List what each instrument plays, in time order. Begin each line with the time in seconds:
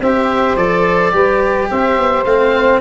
0.00 tuba C4, cello G4, saxophone C5, oboe E5
0.56 tuba F3, cello A4, oboe D5
1.12 tuba G3, cello G4, saxophone B4
1.70 tuba C4, saxophone C5, oboe E5
1.98 tuba B3
2.24 tuba A3, cello C4, oboe F5